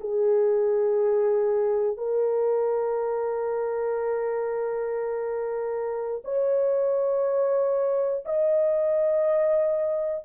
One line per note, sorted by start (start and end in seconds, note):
0.00 1.97 G#4
1.97 6.22 A#4
6.24 8.24 C#5
8.25 10.25 D#5